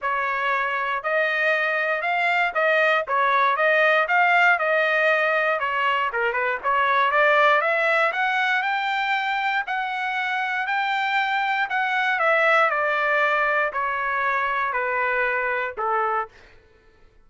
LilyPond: \new Staff \with { instrumentName = "trumpet" } { \time 4/4 \tempo 4 = 118 cis''2 dis''2 | f''4 dis''4 cis''4 dis''4 | f''4 dis''2 cis''4 | ais'8 b'8 cis''4 d''4 e''4 |
fis''4 g''2 fis''4~ | fis''4 g''2 fis''4 | e''4 d''2 cis''4~ | cis''4 b'2 a'4 | }